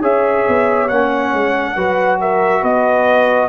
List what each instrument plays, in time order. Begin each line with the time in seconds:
0.00 tuba C#4, trombone G#4, horn C#5, trumpet E5
0.48 tuba B3
0.88 tuba A#3, trombone C#4, trumpet F#5
1.34 tuba G#3
1.75 tuba F#3, trombone F#4, horn B4
2.20 horn A#4, trumpet E5
2.61 tuba B3, horn B4, trumpet D#5